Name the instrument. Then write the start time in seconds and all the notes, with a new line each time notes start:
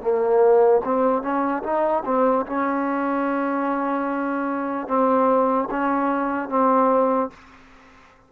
trombone
0.00 A#3
0.84 C4
1.22 C#4
1.63 D#4
2.05 C4
2.46 C#4
4.87 C4
5.70 C#4
6.49 C4